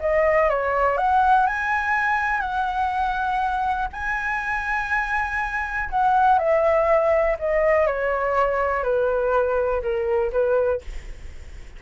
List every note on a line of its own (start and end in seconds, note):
0.00 0.49 D#5
0.49 0.97 C#5
0.97 1.46 F#5
1.46 2.41 G#5
2.41 3.88 F#5
3.93 5.89 G#5
5.90 6.39 F#5
6.39 7.37 E5
7.39 7.86 D#5
7.86 8.83 C#5
8.83 9.82 B4
9.82 10.31 A#4
10.32 10.81 B4